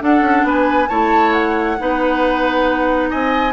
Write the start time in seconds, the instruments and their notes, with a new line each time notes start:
0.00 clarinet D4, bassoon D4, oboe A4, flute F#5
0.21 bassoon C#4
0.43 bassoon B3, oboe B4, flute G#5
0.88 bassoon A3, clarinet E4, oboe C#5, flute A5
1.32 flute F#5
1.78 bassoon B3, clarinet D#4, oboe B4
3.10 bassoon C4, oboe D#5, flute G#5